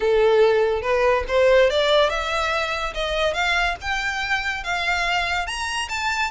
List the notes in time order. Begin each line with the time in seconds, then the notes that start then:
0.00 A4
0.82 B4
1.28 C5
1.69 D5
2.09 E5
2.94 D#5
3.33 F5
3.81 G5
4.63 F5
5.46 A#5
5.88 A5